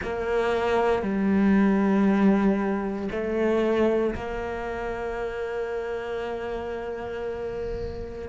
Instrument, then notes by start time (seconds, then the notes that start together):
cello
0.03 A#3
1.02 G3
3.11 A3
4.15 A#3